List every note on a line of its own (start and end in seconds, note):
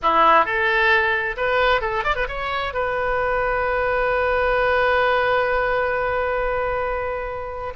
0.02 0.45 E4
0.45 1.36 A4
1.36 1.81 B4
1.81 2.04 A4
2.04 2.15 D5
2.15 2.27 B4
2.28 2.73 C#5
2.73 7.73 B4